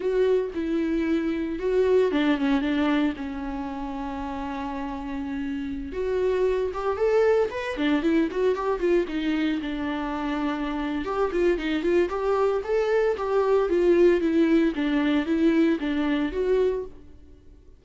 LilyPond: \new Staff \with { instrumentName = "viola" } { \time 4/4 \tempo 4 = 114 fis'4 e'2 fis'4 | d'8 cis'8 d'4 cis'2~ | cis'2.~ cis'16 fis'8.~ | fis'8. g'8 a'4 b'8 d'8 e'8 fis'16~ |
fis'16 g'8 f'8 dis'4 d'4.~ d'16~ | d'4 g'8 f'8 dis'8 f'8 g'4 | a'4 g'4 f'4 e'4 | d'4 e'4 d'4 fis'4 | }